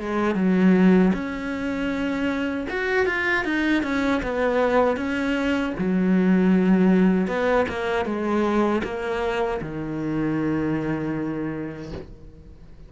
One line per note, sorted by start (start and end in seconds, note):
0.00 0.36 G#3
0.36 1.13 F#3
1.14 2.67 C#4
2.70 3.07 F#4
3.07 3.45 F4
3.45 3.83 D#4
3.83 4.22 C#4
4.23 4.97 B3
4.97 5.74 C#4
5.79 7.28 F#3
7.28 7.66 B3
7.69 8.06 A#3
8.06 8.83 G#3
8.84 9.61 A#3
9.62 11.92 D#3